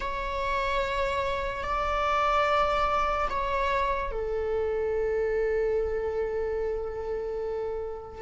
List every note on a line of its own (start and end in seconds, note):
0.00 1.63 C#5
1.63 3.28 D5
3.29 4.11 C#5
4.11 8.21 A4